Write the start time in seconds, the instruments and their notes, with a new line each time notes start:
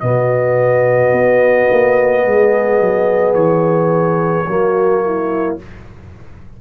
0.00 tuba B2, trombone B3, horn F#4, trumpet D#5
1.12 tuba B3
1.71 tuba A#3
2.24 tuba G#3, horn G#4
2.80 tuba F#3
3.34 tuba E3, trumpet C#5
4.47 tuba F#3, trombone A#3, horn F#4
5.05 horn E4